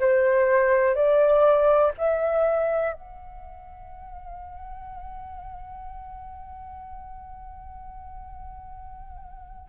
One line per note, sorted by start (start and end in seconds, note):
0.00 0.95 C5
0.95 1.92 D5
1.98 2.93 E5
2.93 9.69 F#5